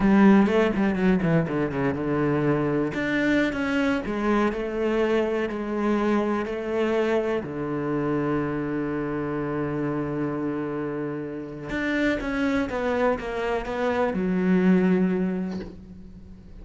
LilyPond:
\new Staff \with { instrumentName = "cello" } { \time 4/4 \tempo 4 = 123 g4 a8 g8 fis8 e8 d8 cis8 | d2 d'4~ d'16 cis'8.~ | cis'16 gis4 a2 gis8.~ | gis4~ gis16 a2 d8.~ |
d1~ | d1 | d'4 cis'4 b4 ais4 | b4 fis2. | }